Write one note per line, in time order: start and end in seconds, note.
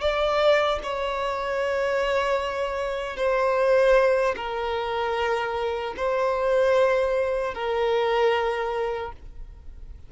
0.00 0.79 D5
0.83 3.16 C#5
3.16 4.35 C5
4.36 5.94 A#4
5.96 7.54 C5
7.54 9.11 A#4